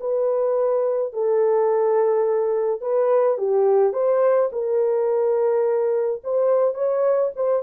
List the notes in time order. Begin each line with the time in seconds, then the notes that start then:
0.00 B4
1.13 A4
2.81 B4
3.38 G4
3.93 C5
4.52 A#4
6.24 C5
6.74 C#5
7.36 C5